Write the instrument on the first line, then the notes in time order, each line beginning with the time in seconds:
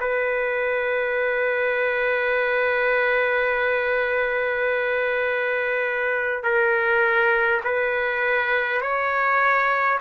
trumpet
0.00 B4
6.43 A#4
7.64 B4
8.81 C#5